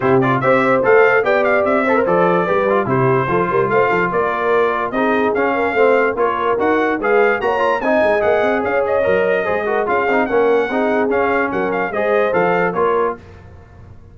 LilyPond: <<
  \new Staff \with { instrumentName = "trumpet" } { \time 4/4 \tempo 4 = 146 c''8 d''8 e''4 f''4 g''8 f''8 | e''4 d''2 c''4~ | c''4 f''4 d''2 | dis''4 f''2 cis''4 |
fis''4 f''4 ais''4 gis''4 | fis''4 f''8 dis''2~ dis''8 | f''4 fis''2 f''4 | fis''8 f''8 dis''4 f''4 cis''4 | }
  \new Staff \with { instrumentName = "horn" } { \time 4/4 g'4 c''2 d''4~ | d''8 c''4. b'4 g'4 | a'8 ais'8 c''8 a'8 ais'2 | gis'4. ais'8 c''4 ais'4~ |
ais'4 b'4 cis''4 dis''4~ | dis''4 cis''2 c''8 ais'8 | gis'4 ais'4 gis'2 | ais'4 c''2 ais'4 | }
  \new Staff \with { instrumentName = "trombone" } { \time 4/4 e'8 f'8 g'4 a'4 g'4~ | g'8 a'16 ais'16 a'4 g'8 f'8 e'4 | f'1 | dis'4 cis'4 c'4 f'4 |
fis'4 gis'4 fis'8 f'8 dis'4 | gis'2 ais'4 gis'8 fis'8 | f'8 dis'8 cis'4 dis'4 cis'4~ | cis'4 gis'4 a'4 f'4 | }
  \new Staff \with { instrumentName = "tuba" } { \time 4/4 c4 c'4 a4 b4 | c'4 f4 g4 c4 | f8 g8 a8 f8 ais2 | c'4 cis'4 a4 ais4 |
dis'4 gis4 ais4 c'8 gis8 | ais8 c'8 cis'4 fis4 gis4 | cis'8 c'8 ais4 c'4 cis'4 | fis4 gis4 f4 ais4 | }
>>